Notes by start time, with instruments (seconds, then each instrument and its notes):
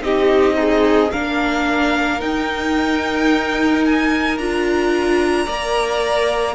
0.00 cello C4, viola D#4, violin G4 D#5
0.55 violin D#4, viola G#4
1.11 cello A#3, viola D4, violin A#4 F5
2.19 viola D#4, cello D#4, violin G5
3.85 violin G#5
4.37 cello D4, viola F4, violin A#5
5.45 cello A#3, viola A#4, violin D5